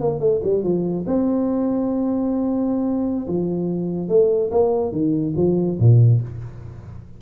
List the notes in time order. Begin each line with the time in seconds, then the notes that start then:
0.00 A#3
0.20 A3
0.43 G3
0.63 F3
1.06 C4
3.27 F3
4.08 A3
4.51 A#3
4.92 D#3
5.36 F3
5.79 A#2